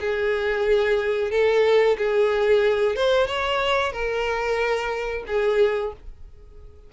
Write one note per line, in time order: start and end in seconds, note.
0.00 1.31 G#4
1.31 1.97 A4
1.98 2.96 G#4
2.96 3.27 C5
3.27 3.92 C#5
3.92 5.24 A#4
5.27 5.93 G#4